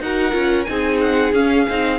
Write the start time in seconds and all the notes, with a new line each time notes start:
0.00 D#4 F#4 A#4 F#5
0.31 C#4 F4
0.64 C4 D#4 G#4 G#5
1.00 F#5
1.33 C#4 F5
1.69 C4 D#4